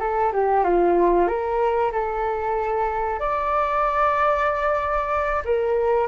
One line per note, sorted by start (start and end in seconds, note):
0.00 0.32 A4
0.33 0.64 G4
0.64 1.28 F4
1.28 1.91 A#4
1.92 3.20 A4
3.20 5.43 D5
5.45 6.08 A#4